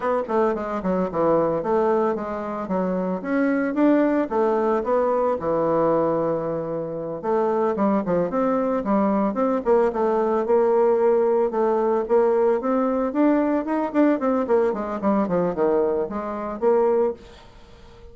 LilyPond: \new Staff \with { instrumentName = "bassoon" } { \time 4/4 \tempo 4 = 112 b8 a8 gis8 fis8 e4 a4 | gis4 fis4 cis'4 d'4 | a4 b4 e2~ | e4. a4 g8 f8 c'8~ |
c'8 g4 c'8 ais8 a4 ais8~ | ais4. a4 ais4 c'8~ | c'8 d'4 dis'8 d'8 c'8 ais8 gis8 | g8 f8 dis4 gis4 ais4 | }